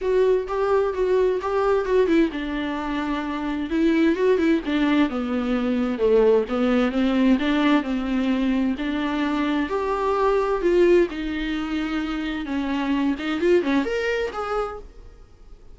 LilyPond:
\new Staff \with { instrumentName = "viola" } { \time 4/4 \tempo 4 = 130 fis'4 g'4 fis'4 g'4 | fis'8 e'8 d'2. | e'4 fis'8 e'8 d'4 b4~ | b4 a4 b4 c'4 |
d'4 c'2 d'4~ | d'4 g'2 f'4 | dis'2. cis'4~ | cis'8 dis'8 f'8 cis'8 ais'4 gis'4 | }